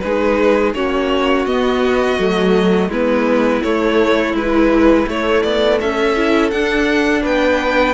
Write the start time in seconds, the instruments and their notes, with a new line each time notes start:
0.00 cello G#3, viola D#4, violin G#4 B4
0.74 cello A#3, viola C#4, violin F#4 C#5
1.46 cello B3, viola B3, violin D#5
2.19 cello F#3, viola A3
2.89 cello G#3, viola B3, violin E4 B4
3.63 viola A3, cello A3, violin C#5
4.34 viola E3, cello G#3, violin B4
5.07 viola A3, cello A3, violin C#5
5.43 cello B3, violin D5
5.79 cello C#4, violin A4 E5
6.16 viola E4
6.51 cello D4, viola D4, violin F#5
7.23 cello B3, violin B4 G5